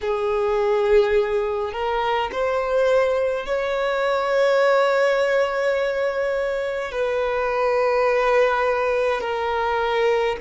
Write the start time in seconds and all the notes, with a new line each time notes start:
0.01 G#4
1.73 A#4
2.32 C5
3.46 C#5
6.91 B4
9.20 A#4